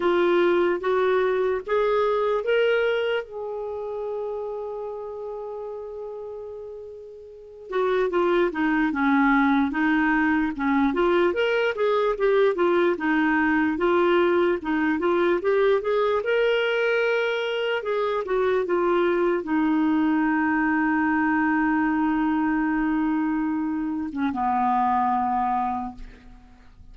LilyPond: \new Staff \with { instrumentName = "clarinet" } { \time 4/4 \tempo 4 = 74 f'4 fis'4 gis'4 ais'4 | gis'1~ | gis'4. fis'8 f'8 dis'8 cis'4 | dis'4 cis'8 f'8 ais'8 gis'8 g'8 f'8 |
dis'4 f'4 dis'8 f'8 g'8 gis'8 | ais'2 gis'8 fis'8 f'4 | dis'1~ | dis'4.~ dis'16 cis'16 b2 | }